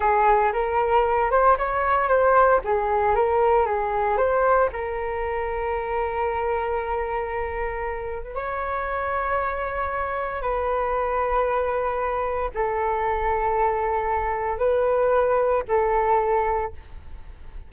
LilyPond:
\new Staff \with { instrumentName = "flute" } { \time 4/4 \tempo 4 = 115 gis'4 ais'4. c''8 cis''4 | c''4 gis'4 ais'4 gis'4 | c''4 ais'2.~ | ais'2.~ ais'8. b'16 |
cis''1 | b'1 | a'1 | b'2 a'2 | }